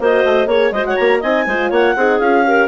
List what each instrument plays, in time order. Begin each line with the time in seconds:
0.00 bassoon A#3, horn F#4, clarinet C5 D#5
0.25 bassoon A3
0.46 bassoon A#3, horn G#4, clarinet C#5
0.72 bassoon G#3, horn F#4, clarinet C5 D#5
0.85 clarinet C#5 F#5
0.96 bassoon A#3, clarinet A#5
1.20 bassoon C4, horn D#4, clarinet D#5 G#5
1.46 bassoon G#3, horn F4, clarinet C5
1.70 bassoon A#3, clarinet C#5 F#5
1.96 bassoon C4, horn D#4, clarinet G#4
2.19 bassoon C#4, horn F4, clarinet F5
2.45 horn G4, clarinet A#4